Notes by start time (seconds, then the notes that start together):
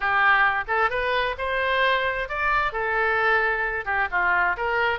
0.00 G4
0.67 A4
0.90 B4
1.37 C5
2.29 D5
2.72 A4
3.85 G4
4.11 F4
4.57 A#4